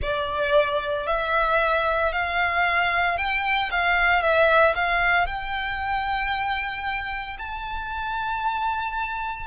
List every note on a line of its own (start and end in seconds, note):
0.02 1.07 D5
1.07 2.12 E5
2.12 3.17 F5
3.17 3.70 G5
3.70 4.21 F5
4.21 4.74 E5
4.74 5.26 F5
5.26 7.37 G5
7.38 9.46 A5